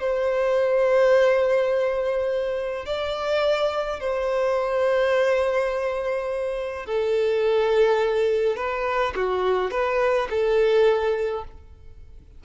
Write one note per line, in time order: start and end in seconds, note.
0.00 2.85 C5
2.85 4.00 D5
4.00 6.86 C5
6.86 8.56 A4
8.56 9.14 B4
9.16 9.71 F#4
9.71 10.28 B4
10.30 11.44 A4